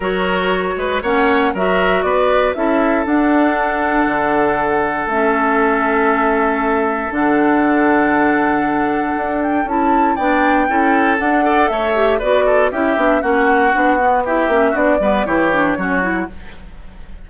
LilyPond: <<
  \new Staff \with { instrumentName = "flute" } { \time 4/4 \tempo 4 = 118 cis''2 fis''4 e''4 | d''4 e''4 fis''2~ | fis''2 e''2~ | e''2 fis''2~ |
fis''2~ fis''8 g''8 a''4 | g''2 fis''4 e''4 | d''4 e''4 fis''2 | e''4 d''4 cis''2 | }
  \new Staff \with { instrumentName = "oboe" } { \time 4/4 ais'4. b'8 cis''4 ais'4 | b'4 a'2.~ | a'1~ | a'1~ |
a'1 | d''4 a'4. d''8 cis''4 | b'8 a'8 g'4 fis'2 | g'4 fis'8 b'8 g'4 fis'4 | }
  \new Staff \with { instrumentName = "clarinet" } { \time 4/4 fis'2 cis'4 fis'4~ | fis'4 e'4 d'2~ | d'2 cis'2~ | cis'2 d'2~ |
d'2. e'4 | d'4 e'4 d'8 a'4 g'8 | fis'4 e'8 d'8 cis'4 d'8 b8 | e'8 cis'8 d'8 b8 e'8 d'8 cis'8 e'8 | }
  \new Staff \with { instrumentName = "bassoon" } { \time 4/4 fis4. gis8 ais4 fis4 | b4 cis'4 d'2 | d2 a2~ | a2 d2~ |
d2 d'4 cis'4 | b4 cis'4 d'4 a4 | b4 cis'8 b8 ais4 b4~ | b8 ais8 b8 g8 e4 fis4 | }
>>